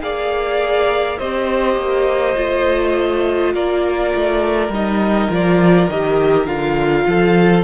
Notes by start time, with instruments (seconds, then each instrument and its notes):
0.00 cello A#3, viola G#4, violin D5 F5
1.18 cello C4, viola G4, violin C5 D#5
1.76 cello A#3
2.35 cello A3, viola F4
3.54 cello A#3, violin A#4 D5
4.14 cello A3
4.69 cello G3, viola D#4, violin D#5
5.30 cello F3, viola F4, violin D5
5.89 cello D#3, viola G4, violin D#5
6.46 cello D3, viola F4, violin F5
7.06 cello F3, violin A4